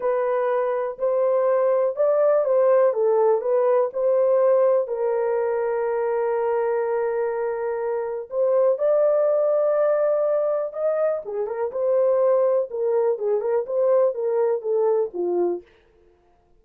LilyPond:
\new Staff \with { instrumentName = "horn" } { \time 4/4 \tempo 4 = 123 b'2 c''2 | d''4 c''4 a'4 b'4 | c''2 ais'2~ | ais'1~ |
ais'4 c''4 d''2~ | d''2 dis''4 gis'8 ais'8 | c''2 ais'4 gis'8 ais'8 | c''4 ais'4 a'4 f'4 | }